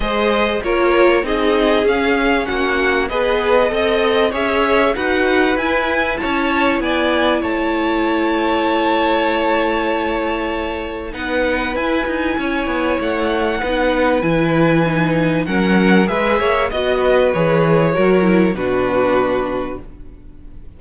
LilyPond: <<
  \new Staff \with { instrumentName = "violin" } { \time 4/4 \tempo 4 = 97 dis''4 cis''4 dis''4 f''4 | fis''4 dis''2 e''4 | fis''4 gis''4 a''4 gis''4 | a''1~ |
a''2 fis''4 gis''4~ | gis''4 fis''2 gis''4~ | gis''4 fis''4 e''4 dis''4 | cis''2 b'2 | }
  \new Staff \with { instrumentName = "violin" } { \time 4/4 c''4 ais'4 gis'2 | fis'4 b'4 dis''4 cis''4 | b'2 cis''4 d''4 | cis''1~ |
cis''2 b'2 | cis''2 b'2~ | b'4 ais'4 b'8 cis''8 dis''8 b'8~ | b'4 ais'4 fis'2 | }
  \new Staff \with { instrumentName = "viola" } { \time 4/4 gis'4 f'4 dis'4 cis'4~ | cis'4 gis'4 a'4 gis'4 | fis'4 e'2.~ | e'1~ |
e'2 dis'4 e'4~ | e'2 dis'4 e'4 | dis'4 cis'4 gis'4 fis'4 | gis'4 fis'8 e'8 d'2 | }
  \new Staff \with { instrumentName = "cello" } { \time 4/4 gis4 ais4 c'4 cis'4 | ais4 b4 c'4 cis'4 | dis'4 e'4 cis'4 b4 | a1~ |
a2 b4 e'8 dis'8 | cis'8 b8 a4 b4 e4~ | e4 fis4 gis8 ais8 b4 | e4 fis4 b,2 | }
>>